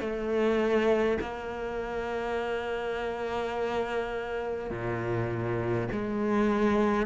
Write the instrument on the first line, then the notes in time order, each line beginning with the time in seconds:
cello
0.00 A3
1.21 A#3
4.70 A#2
5.91 G#3